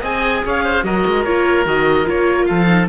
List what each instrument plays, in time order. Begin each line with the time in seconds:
0.00 cello C4, viola G#4, oboe D#5 G#5
0.45 cello C#4, oboe C#5 F5
0.64 oboe C5
0.83 cello F#3, viola F#4, oboe A#4 D#5
1.06 cello G#3
1.24 cello A#3, viola F4, oboe C#5
1.65 cello D#3, viola F#4, oboe D#5
2.04 cello A#3, viola F4, oboe C#5
2.45 cello F3, oboe A4 F5
2.66 viola D#4